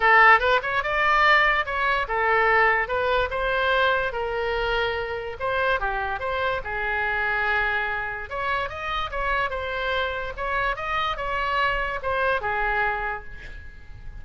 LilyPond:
\new Staff \with { instrumentName = "oboe" } { \time 4/4 \tempo 4 = 145 a'4 b'8 cis''8 d''2 | cis''4 a'2 b'4 | c''2 ais'2~ | ais'4 c''4 g'4 c''4 |
gis'1 | cis''4 dis''4 cis''4 c''4~ | c''4 cis''4 dis''4 cis''4~ | cis''4 c''4 gis'2 | }